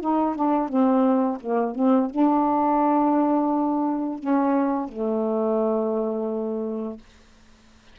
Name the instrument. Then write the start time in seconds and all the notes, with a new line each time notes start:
saxophone
0.00 D#4
0.35 D4
0.68 C4
1.40 A#3
1.75 C4
2.10 D4
4.19 C#4
4.88 A3